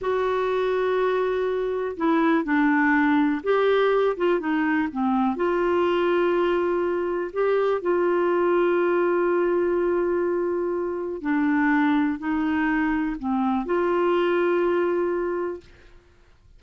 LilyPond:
\new Staff \with { instrumentName = "clarinet" } { \time 4/4 \tempo 4 = 123 fis'1 | e'4 d'2 g'4~ | g'8 f'8 dis'4 c'4 f'4~ | f'2. g'4 |
f'1~ | f'2. d'4~ | d'4 dis'2 c'4 | f'1 | }